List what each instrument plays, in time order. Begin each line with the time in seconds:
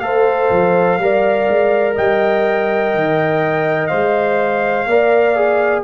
0.00 tuba A3, trombone A4, horn C5, trumpet F5
0.51 tuba F3
0.98 tuba G3, trombone A#4, horn D5
1.49 tuba G#3
1.96 tuba G3, horn D#5, trumpet G5
2.95 tuba D#3
3.87 tuba G#3, trombone C5, trumpet F5
4.86 tuba A#3, trombone A#4, horn D5
5.36 trombone G#4